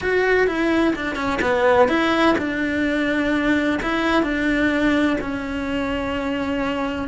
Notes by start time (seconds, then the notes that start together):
0.01 F#4
0.47 E4
0.95 D4
1.15 C#4
1.41 B3
1.88 E4
2.38 D4
3.82 E4
4.22 D4
5.20 C#4